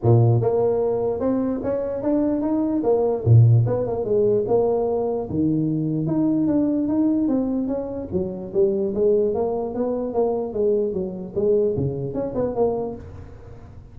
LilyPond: \new Staff \with { instrumentName = "tuba" } { \time 4/4 \tempo 4 = 148 ais,4 ais2 c'4 | cis'4 d'4 dis'4 ais4 | ais,4 b8 ais8 gis4 ais4~ | ais4 dis2 dis'4 |
d'4 dis'4 c'4 cis'4 | fis4 g4 gis4 ais4 | b4 ais4 gis4 fis4 | gis4 cis4 cis'8 b8 ais4 | }